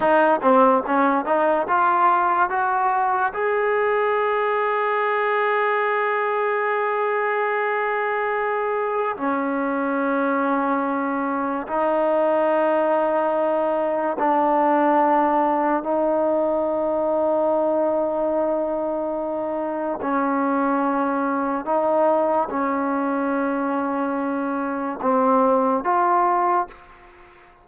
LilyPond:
\new Staff \with { instrumentName = "trombone" } { \time 4/4 \tempo 4 = 72 dis'8 c'8 cis'8 dis'8 f'4 fis'4 | gis'1~ | gis'2. cis'4~ | cis'2 dis'2~ |
dis'4 d'2 dis'4~ | dis'1 | cis'2 dis'4 cis'4~ | cis'2 c'4 f'4 | }